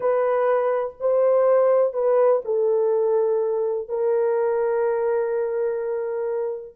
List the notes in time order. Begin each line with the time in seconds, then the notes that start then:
0.00 B4
1.00 C5
1.93 B4
2.44 A4
3.88 A#4